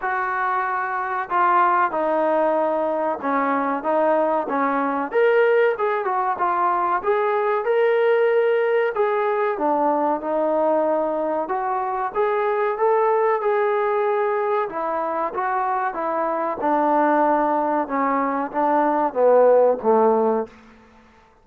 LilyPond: \new Staff \with { instrumentName = "trombone" } { \time 4/4 \tempo 4 = 94 fis'2 f'4 dis'4~ | dis'4 cis'4 dis'4 cis'4 | ais'4 gis'8 fis'8 f'4 gis'4 | ais'2 gis'4 d'4 |
dis'2 fis'4 gis'4 | a'4 gis'2 e'4 | fis'4 e'4 d'2 | cis'4 d'4 b4 a4 | }